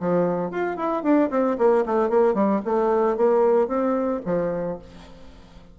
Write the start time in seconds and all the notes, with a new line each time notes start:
0.00 F3
0.51 F4
0.76 E4
1.03 D4
1.30 C4
1.58 A#3
1.85 A3
2.09 A#3
2.34 G3
2.65 A3
3.17 A#3
3.67 C4
4.25 F3